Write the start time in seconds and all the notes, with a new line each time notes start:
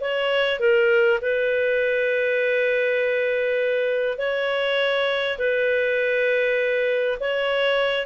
0.00 C#5
0.59 A#4
1.21 B4
4.18 C#5
5.38 B4
7.20 C#5